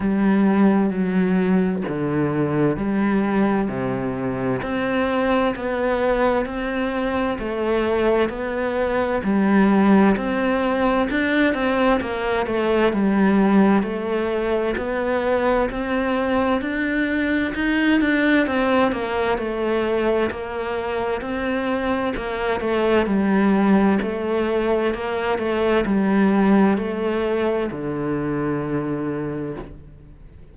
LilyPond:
\new Staff \with { instrumentName = "cello" } { \time 4/4 \tempo 4 = 65 g4 fis4 d4 g4 | c4 c'4 b4 c'4 | a4 b4 g4 c'4 | d'8 c'8 ais8 a8 g4 a4 |
b4 c'4 d'4 dis'8 d'8 | c'8 ais8 a4 ais4 c'4 | ais8 a8 g4 a4 ais8 a8 | g4 a4 d2 | }